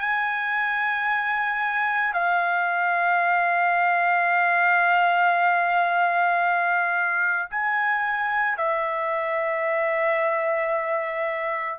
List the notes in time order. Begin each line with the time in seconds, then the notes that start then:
0.00 G#5
2.14 F5
7.50 G#5
8.58 E5